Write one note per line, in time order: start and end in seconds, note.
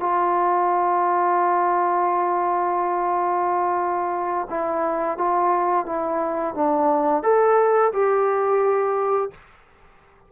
0.00 4.48 F4
4.50 5.18 E4
5.18 5.86 F4
5.86 6.55 E4
6.55 7.23 D4
7.23 7.92 A4
7.93 9.31 G4